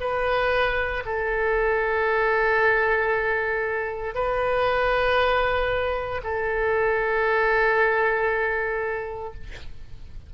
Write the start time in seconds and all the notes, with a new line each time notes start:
0.00 B4
1.05 A4
4.14 B4
6.23 A4